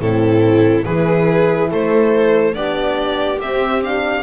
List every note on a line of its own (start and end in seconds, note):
0.00 0.85 A2
0.00 0.85 C4
0.00 0.85 E4
0.00 0.85 A4
0.85 1.71 E3
0.85 2.54 E4
0.85 1.70 G#4
0.85 1.69 B4
1.71 2.55 A3
1.71 2.55 A4
1.71 2.55 C5
2.54 3.40 B3
2.54 3.38 D4
2.54 4.23 G4
2.54 3.39 D5
3.39 3.82 C4
3.39 4.23 C4
3.39 3.83 E5
3.82 4.23 D4
3.82 4.23 F5